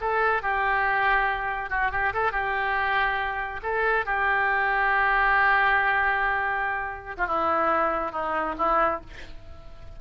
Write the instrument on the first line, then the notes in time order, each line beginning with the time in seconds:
oboe
0.00 A4
0.42 G4
1.69 F#4
1.91 G4
2.13 A4
2.32 G4
3.62 A4
4.05 G4
7.17 F4
7.27 E4
8.12 D#4
8.58 E4